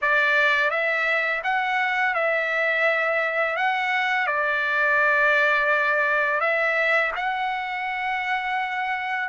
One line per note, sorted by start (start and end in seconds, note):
0.01 0.70 D5
0.70 1.42 E5
1.43 2.14 F#5
2.14 3.56 E5
3.56 4.26 F#5
4.26 6.40 D5
6.40 7.11 E5
7.16 9.29 F#5